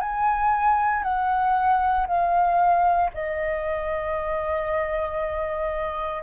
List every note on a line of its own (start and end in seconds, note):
0.00 1.03 G#5
1.03 2.06 F#5
2.07 3.10 F5
3.14 6.23 D#5